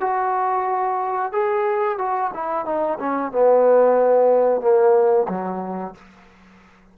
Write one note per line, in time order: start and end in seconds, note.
0.00 1.32 F#4
1.32 1.98 G#4
1.98 2.31 F#4
2.33 2.65 E4
2.65 2.98 D#4
2.99 3.31 C#4
3.31 4.61 B3
4.61 5.27 A#3
5.28 5.94 F#3